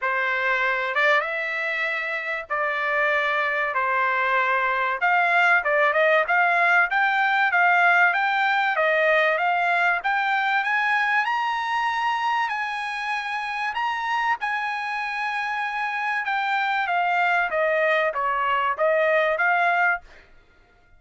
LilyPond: \new Staff \with { instrumentName = "trumpet" } { \time 4/4 \tempo 4 = 96 c''4. d''8 e''2 | d''2 c''2 | f''4 d''8 dis''8 f''4 g''4 | f''4 g''4 dis''4 f''4 |
g''4 gis''4 ais''2 | gis''2 ais''4 gis''4~ | gis''2 g''4 f''4 | dis''4 cis''4 dis''4 f''4 | }